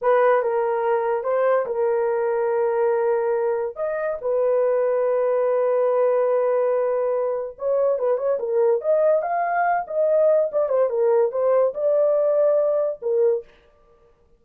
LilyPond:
\new Staff \with { instrumentName = "horn" } { \time 4/4 \tempo 4 = 143 b'4 ais'2 c''4 | ais'1~ | ais'4 dis''4 b'2~ | b'1~ |
b'2 cis''4 b'8 cis''8 | ais'4 dis''4 f''4. dis''8~ | dis''4 d''8 c''8 ais'4 c''4 | d''2. ais'4 | }